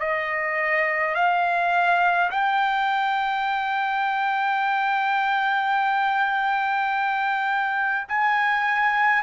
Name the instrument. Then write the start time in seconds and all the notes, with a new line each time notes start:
trumpet
0.00 D#5
1.15 F5
2.31 G5
8.08 G#5